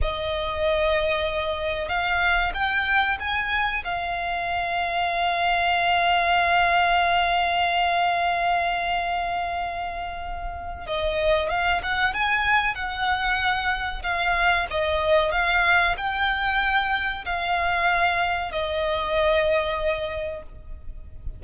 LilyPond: \new Staff \with { instrumentName = "violin" } { \time 4/4 \tempo 4 = 94 dis''2. f''4 | g''4 gis''4 f''2~ | f''1~ | f''1~ |
f''4 dis''4 f''8 fis''8 gis''4 | fis''2 f''4 dis''4 | f''4 g''2 f''4~ | f''4 dis''2. | }